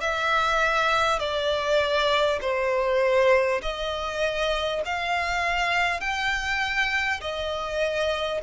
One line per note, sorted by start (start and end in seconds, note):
0.00 1.19 E5
1.19 2.39 D5
2.41 3.61 C5
3.62 4.82 D#5
4.85 6.00 F5
6.00 7.20 G5
7.21 8.41 D#5